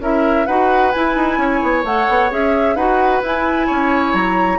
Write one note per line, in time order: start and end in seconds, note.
0.00 0.46 C#4
0.00 0.48 E4
0.00 0.47 A#4
0.00 0.47 E5
0.47 0.94 D#4
0.47 0.94 F#4
0.47 1.39 B4
0.47 0.92 F#5
0.92 1.85 E4
0.92 1.16 E4
0.92 1.84 G#5
1.16 1.37 D#4
1.37 1.60 C#4
1.37 2.76 C#5
1.63 1.84 B3
1.84 2.07 A3
1.84 2.31 A4
1.84 2.32 F#5
2.09 2.31 B3
2.31 2.76 C#4
2.31 2.77 G#4
2.31 2.76 E5
2.76 3.22 D#4
2.76 3.24 F#4
2.76 3.67 B4
2.76 3.22 F#5
3.23 3.69 E4
3.23 4.59 E4
3.23 4.14 G#5
3.67 4.14 C#4
3.67 4.59 C#5
4.14 4.59 F#3
4.14 4.59 A#5